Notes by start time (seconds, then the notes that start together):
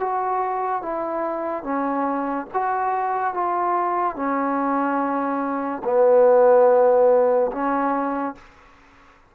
0.00 F#4
0.83 E4
1.64 C#4
2.54 F#4
3.34 F4
4.16 C#4
5.84 B3
7.52 C#4